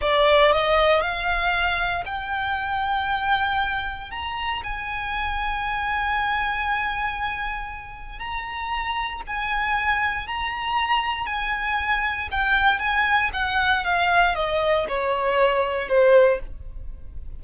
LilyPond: \new Staff \with { instrumentName = "violin" } { \time 4/4 \tempo 4 = 117 d''4 dis''4 f''2 | g''1 | ais''4 gis''2.~ | gis''1 |
ais''2 gis''2 | ais''2 gis''2 | g''4 gis''4 fis''4 f''4 | dis''4 cis''2 c''4 | }